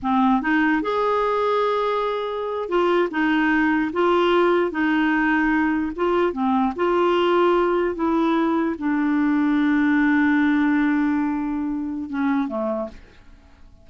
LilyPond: \new Staff \with { instrumentName = "clarinet" } { \time 4/4 \tempo 4 = 149 c'4 dis'4 gis'2~ | gis'2~ gis'8. f'4 dis'16~ | dis'4.~ dis'16 f'2 dis'16~ | dis'2~ dis'8. f'4 c'16~ |
c'8. f'2. e'16~ | e'4.~ e'16 d'2~ d'16~ | d'1~ | d'2 cis'4 a4 | }